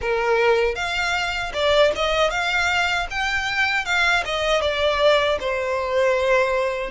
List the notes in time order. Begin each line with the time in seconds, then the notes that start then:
0.01 A#4
0.75 F5
1.53 D5
1.95 D#5
2.30 F5
3.10 G5
3.85 F5
4.25 D#5
4.61 D5
5.40 C5